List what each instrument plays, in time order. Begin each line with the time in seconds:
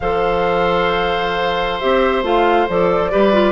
0.00 bassoon F3, clarinet A4, oboe C5, flute F5
1.80 bassoon C4, clarinet G4, flute E5
2.23 bassoon A3, clarinet F4, flute F5
2.69 bassoon F3, clarinet A4, flute D5
3.11 bassoon G3, clarinet G4, oboe B4
3.32 clarinet F4